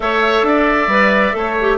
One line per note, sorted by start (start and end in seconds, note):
0.00 0.42 A3
0.00 0.90 A4
0.00 0.46 C#5
0.00 1.76 E5
0.42 0.87 D4
0.42 1.37 D5
0.87 1.32 G3
0.87 1.32 B4
1.32 1.77 A3
1.32 1.55 A4
1.32 1.77 C#5
1.60 1.77 G4